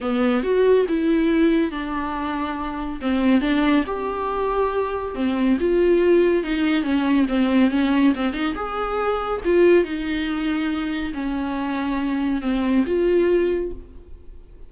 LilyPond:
\new Staff \with { instrumentName = "viola" } { \time 4/4 \tempo 4 = 140 b4 fis'4 e'2 | d'2. c'4 | d'4 g'2. | c'4 f'2 dis'4 |
cis'4 c'4 cis'4 c'8 dis'8 | gis'2 f'4 dis'4~ | dis'2 cis'2~ | cis'4 c'4 f'2 | }